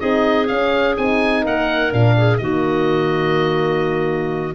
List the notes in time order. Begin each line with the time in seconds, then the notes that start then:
0.00 C4 D#4 G#4 D#5
0.47 C#4 F5
0.97 C4 D#4 G#5
1.43 A#3 A#4 F#5
1.91 A#2 D4 F5
2.17 G#4
2.38 D#3 A#3 F#4 D#5